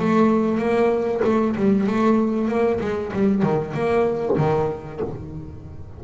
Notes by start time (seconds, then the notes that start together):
0.00 A3
0.59 A#3
1.25 A3
1.57 G3
1.87 A3
2.49 A#3
2.81 G#3
3.13 G3
3.43 D#3
3.74 A#3
4.38 D#3